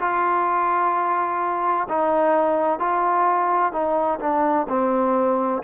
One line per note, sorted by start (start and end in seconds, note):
0.00 1.87 F4
1.89 2.79 D#4
2.79 3.72 F4
3.72 4.19 D#4
4.20 4.67 D4
4.69 5.62 C4